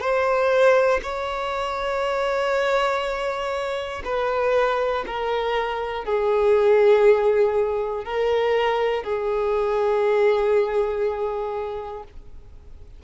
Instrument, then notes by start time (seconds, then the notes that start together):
violin
0.00 C5
1.02 C#5
4.05 B4
5.06 A#4
6.04 G#4
8.05 A#4
9.03 G#4